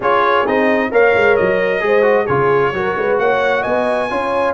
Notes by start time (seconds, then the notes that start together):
0.00 C#4 F4 G#4 C#5
0.46 C4 D#4 D#5
0.91 A#3 A#4 C#5 F5
1.14 G#3
1.36 F#3 D#5
1.80 G#3 G#4 C5
2.02 F#4
2.25 C#3 F4 G#4 C#5
2.73 F#3 F#4 A#4
2.96 G#3 B4
3.18 A#3 C#5 F#5
3.61 B3 D#5 G#5
4.09 C#4 F4 C#5